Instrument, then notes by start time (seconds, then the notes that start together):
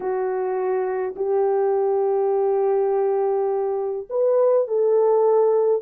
horn
0.00 F#4
1.15 G4
4.09 B4
4.67 A4